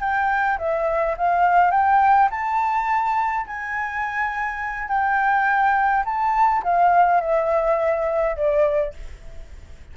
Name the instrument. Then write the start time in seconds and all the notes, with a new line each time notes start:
flute
0.00 G5
0.58 E5
1.17 F5
1.71 G5
2.31 A5
3.47 G#5
4.88 G5
6.05 A5
6.63 F5
7.21 E5
8.36 D5